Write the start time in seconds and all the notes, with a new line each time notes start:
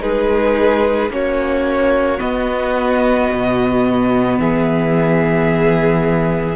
0.00 G#3 D#4 G#4 B4
1.10 A#3 C#4 F#4 C#5
2.18 B3 D#5
3.32 B2
4.38 E3 G#4 E5